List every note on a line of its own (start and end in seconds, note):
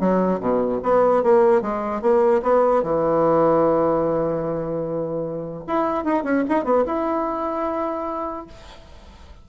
0.00 0.40 F#3
0.40 0.80 B2
0.83 1.23 B3
1.23 1.61 A#3
1.61 2.02 G#3
2.02 2.42 A#3
2.43 2.83 B3
2.83 5.65 E3
5.67 6.04 E4
6.04 6.24 D#4
6.24 6.44 C#4
6.49 6.64 D#4
6.64 6.84 B3
6.86 8.47 E4